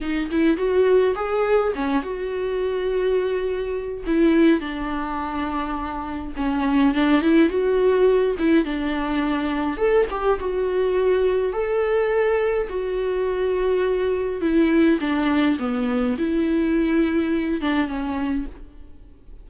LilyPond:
\new Staff \with { instrumentName = "viola" } { \time 4/4 \tempo 4 = 104 dis'8 e'8 fis'4 gis'4 cis'8 fis'8~ | fis'2. e'4 | d'2. cis'4 | d'8 e'8 fis'4. e'8 d'4~ |
d'4 a'8 g'8 fis'2 | a'2 fis'2~ | fis'4 e'4 d'4 b4 | e'2~ e'8 d'8 cis'4 | }